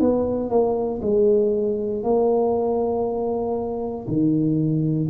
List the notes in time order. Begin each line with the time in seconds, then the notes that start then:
0.00 B3
0.49 A#3
1.02 G#3
2.03 A#3
4.07 D#3